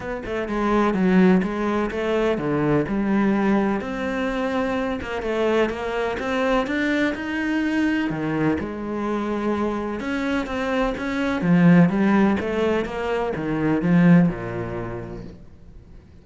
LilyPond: \new Staff \with { instrumentName = "cello" } { \time 4/4 \tempo 4 = 126 b8 a8 gis4 fis4 gis4 | a4 d4 g2 | c'2~ c'8 ais8 a4 | ais4 c'4 d'4 dis'4~ |
dis'4 dis4 gis2~ | gis4 cis'4 c'4 cis'4 | f4 g4 a4 ais4 | dis4 f4 ais,2 | }